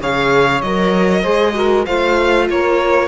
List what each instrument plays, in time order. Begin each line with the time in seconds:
0.00 cello C#3, viola G#4, saxophone C#5, violin F5
0.61 cello F#3, viola A#4, violin D#5
1.21 cello G#3, viola G#4, saxophone C5
1.55 viola F#4, saxophone A#4
1.85 cello A3, viola F4, saxophone C5, violin F5
2.50 cello A#3, saxophone A#4, violin C#5